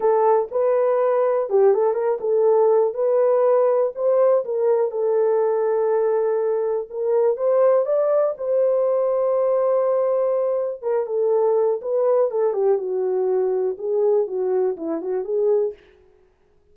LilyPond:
\new Staff \with { instrumentName = "horn" } { \time 4/4 \tempo 4 = 122 a'4 b'2 g'8 a'8 | ais'8 a'4. b'2 | c''4 ais'4 a'2~ | a'2 ais'4 c''4 |
d''4 c''2.~ | c''2 ais'8 a'4. | b'4 a'8 g'8 fis'2 | gis'4 fis'4 e'8 fis'8 gis'4 | }